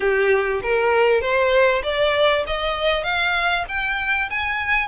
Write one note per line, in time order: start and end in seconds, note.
0.00 0.60 G4
0.62 1.21 A#4
1.21 1.82 C5
1.83 2.44 D5
2.46 3.03 D#5
3.03 3.65 F5
3.68 4.29 G5
4.30 4.87 G#5